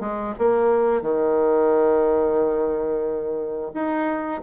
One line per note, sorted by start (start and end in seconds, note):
0.00 0.34 G#3
0.38 1.02 A#3
1.02 3.71 D#3
3.74 4.41 D#4